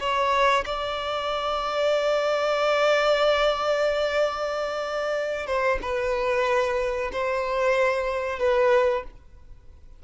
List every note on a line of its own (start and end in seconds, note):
0.00 0.65 C#5
0.66 5.47 D5
5.47 5.79 C5
5.82 7.11 B4
7.12 8.39 C5
8.39 9.04 B4